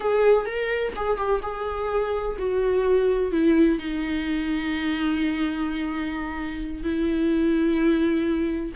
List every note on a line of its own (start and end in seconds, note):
0.00 0.45 G#4
0.45 0.92 A#4
0.96 1.17 G#4
1.17 1.40 G4
1.42 2.36 G#4
2.38 3.31 F#4
3.31 3.78 E4
3.78 6.83 D#4
6.83 8.72 E4